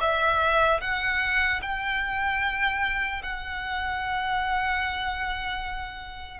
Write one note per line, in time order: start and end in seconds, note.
0.00 0.80 E5
0.80 1.60 F#5
1.62 3.22 G5
3.23 6.40 F#5